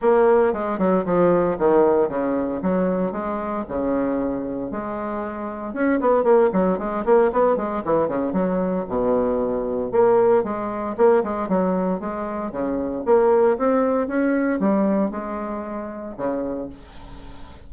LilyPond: \new Staff \with { instrumentName = "bassoon" } { \time 4/4 \tempo 4 = 115 ais4 gis8 fis8 f4 dis4 | cis4 fis4 gis4 cis4~ | cis4 gis2 cis'8 b8 | ais8 fis8 gis8 ais8 b8 gis8 e8 cis8 |
fis4 b,2 ais4 | gis4 ais8 gis8 fis4 gis4 | cis4 ais4 c'4 cis'4 | g4 gis2 cis4 | }